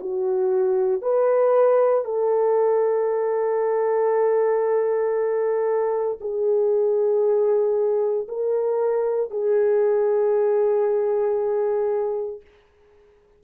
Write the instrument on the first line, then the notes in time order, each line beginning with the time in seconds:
horn
0.00 F#4
1.02 B4
2.04 A4
6.20 G#4
8.28 A#4
9.31 G#4